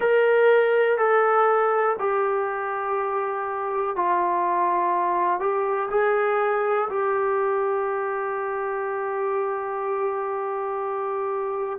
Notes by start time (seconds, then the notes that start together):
0.00 A#4
0.97 A4
1.99 G4
3.96 F4
5.40 G4
5.90 G#4
6.89 G4